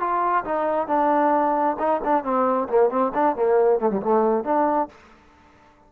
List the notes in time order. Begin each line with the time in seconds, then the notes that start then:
0.00 F4
0.45 D#4
0.88 D4
1.79 D#4
2.04 D4
2.24 C4
2.69 A#3
2.90 C4
3.15 D4
3.36 A#3
3.80 A3
3.91 G3
4.02 A3
4.44 D4